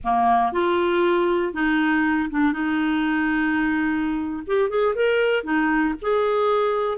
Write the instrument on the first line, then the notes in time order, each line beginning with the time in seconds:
clarinet
0.04 A#3
0.52 F4
1.53 D#4
2.30 D4
2.52 D#4
4.46 G4
4.69 G#4
4.95 A#4
5.43 D#4
6.01 G#4